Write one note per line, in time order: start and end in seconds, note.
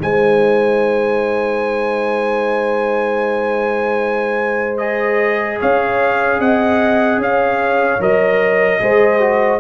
0.00 5.61 G#3
0.00 4.79 D#4
0.00 5.60 C5
0.00 4.78 G#5
4.78 8.00 G#4
4.78 5.58 D#5
5.60 6.40 C#4
5.60 6.40 C#5
5.60 6.41 F5
6.40 7.18 C4
6.40 7.21 D#5
6.40 7.21 F#5
7.18 7.98 C#4
7.18 8.82 C#5
7.18 8.03 F5
8.00 8.80 F#3
8.00 8.80 A#4
8.00 9.61 D#5
8.80 9.61 G#3
8.80 9.21 G#4
8.80 9.61 C5
9.21 9.61 F#4